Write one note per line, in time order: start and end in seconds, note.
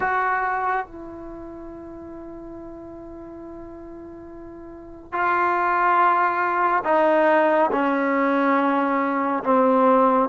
0.00 0.86 F#4
0.86 5.12 E4
5.12 6.83 F4
6.84 7.70 D#4
7.71 9.43 C#4
9.43 10.29 C4